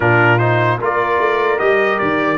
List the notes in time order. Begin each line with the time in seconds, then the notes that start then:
0.00 A#2 D4 F4 A#4
0.38 D#4 C5
0.80 A#3 F4 A#4 D5
1.19 A3
1.58 G3 G4 D#5
1.99 D#3 D5